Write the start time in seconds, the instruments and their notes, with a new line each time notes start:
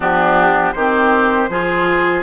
0.00 bassoon F3, clarinet B3, oboe D4, flute G4
0.72 bassoon D#3, clarinet C4, oboe G4, flute C5
1.48 bassoon F3, clarinet F4, oboe G#4